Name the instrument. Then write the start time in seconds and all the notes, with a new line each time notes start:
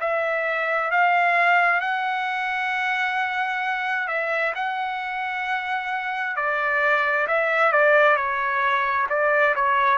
trumpet
0.00 E5
0.91 F5
1.81 F#5
4.08 E5
4.55 F#5
6.36 D5
7.28 E5
7.72 D5
8.16 C#5
9.09 D5
9.55 C#5